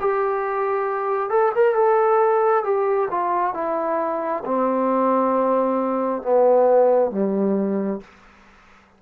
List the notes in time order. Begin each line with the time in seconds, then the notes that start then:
0.00 G4
1.30 A4
1.55 A#4
1.75 A4
2.64 G4
3.11 F4
3.54 E4
4.45 C4
6.22 B3
7.11 G3